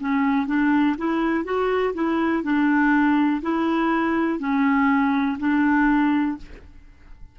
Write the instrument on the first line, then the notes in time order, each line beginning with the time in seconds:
clarinet
0.00 C#4
0.47 D4
0.98 E4
1.44 F#4
1.94 E4
2.43 D4
3.42 E4
4.39 C#4
5.39 D4